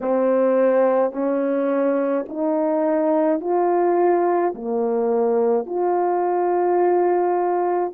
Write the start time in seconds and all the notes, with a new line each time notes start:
0.01 C4
1.12 C#4
2.28 D#4
3.40 F4
4.54 A#3
5.66 F4